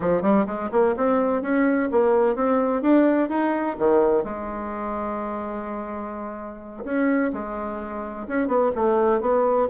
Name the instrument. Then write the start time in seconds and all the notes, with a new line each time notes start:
bassoon
0.00 F3
0.21 G3
0.46 G#3
0.71 A#3
0.96 C4
1.42 C#4
1.91 A#3
2.35 C4
2.82 D4
3.29 D#4
3.78 D#3
4.24 G#3
6.84 C#4
7.32 G#3
8.27 C#4
8.47 B3
8.75 A3
9.20 B3